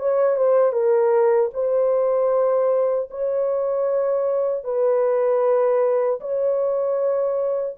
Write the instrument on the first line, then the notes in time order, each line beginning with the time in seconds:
horn
0.00 C#5
0.37 C5
0.72 A#4
1.54 C5
3.11 C#5
4.64 B4
6.21 C#5